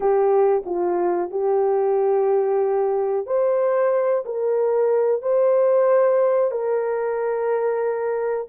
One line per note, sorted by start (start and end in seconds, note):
0.00 0.63 G4
0.65 1.30 F4
1.30 3.26 G4
3.26 4.24 C5
4.25 5.22 A#4
5.22 6.51 C5
6.51 8.47 A#4